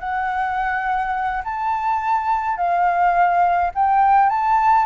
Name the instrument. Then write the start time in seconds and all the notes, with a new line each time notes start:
flute
0.00 F#5
1.44 A5
2.57 F5
3.75 G5
4.30 A5